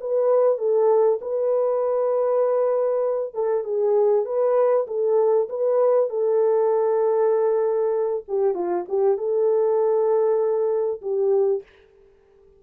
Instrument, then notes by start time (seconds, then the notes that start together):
horn
0.00 B4
0.58 A4
1.21 B4
3.34 A4
3.64 G#4
4.25 B4
4.87 A4
5.49 B4
6.09 A4
8.28 G4
8.54 F4
8.88 G4
9.17 A4
11.01 G4